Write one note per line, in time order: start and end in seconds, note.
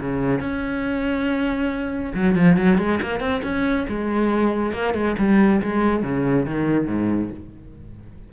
0.00 0.39 C#3
0.39 2.12 C#4
2.14 2.35 F#3
2.35 2.56 F3
2.56 2.78 F#3
2.78 2.99 G#3
3.02 3.20 A#3
3.20 3.41 C4
3.43 3.86 C#4
3.88 4.72 G#3
4.72 4.93 A#3
4.93 5.15 G#3
5.18 5.61 G3
5.62 6.02 G#3
6.02 6.46 C#3
6.46 6.87 D#3
6.87 7.30 G#2